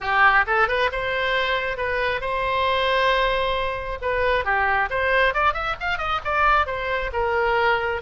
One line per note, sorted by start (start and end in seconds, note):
0.00 0.45 G4
0.46 0.67 A4
0.67 0.90 B4
0.92 1.77 C5
1.77 2.20 B4
2.20 3.98 C5
4.01 4.44 B4
4.44 4.89 G4
4.89 5.34 C5
5.34 5.53 D5
5.53 5.75 E5
5.80 5.98 F5
5.98 6.20 D#5
6.24 6.66 D5
6.66 7.11 C5
7.12 8.01 A#4